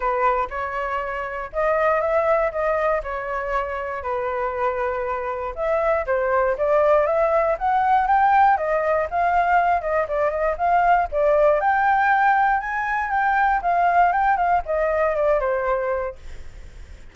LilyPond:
\new Staff \with { instrumentName = "flute" } { \time 4/4 \tempo 4 = 119 b'4 cis''2 dis''4 | e''4 dis''4 cis''2 | b'2. e''4 | c''4 d''4 e''4 fis''4 |
g''4 dis''4 f''4. dis''8 | d''8 dis''8 f''4 d''4 g''4~ | g''4 gis''4 g''4 f''4 | g''8 f''8 dis''4 d''8 c''4. | }